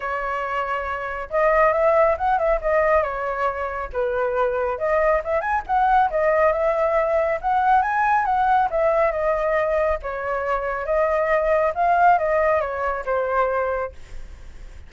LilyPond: \new Staff \with { instrumentName = "flute" } { \time 4/4 \tempo 4 = 138 cis''2. dis''4 | e''4 fis''8 e''8 dis''4 cis''4~ | cis''4 b'2 dis''4 | e''8 gis''8 fis''4 dis''4 e''4~ |
e''4 fis''4 gis''4 fis''4 | e''4 dis''2 cis''4~ | cis''4 dis''2 f''4 | dis''4 cis''4 c''2 | }